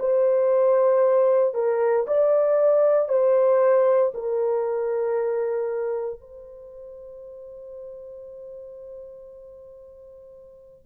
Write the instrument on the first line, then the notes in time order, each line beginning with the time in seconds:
horn
0.00 C5
1.55 A#4
2.07 D5
3.09 C5
4.15 A#4
6.21 C5